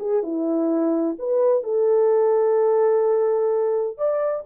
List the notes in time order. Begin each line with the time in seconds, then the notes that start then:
0.00 G#4
0.23 E4
1.19 B4
1.64 A4
3.98 D5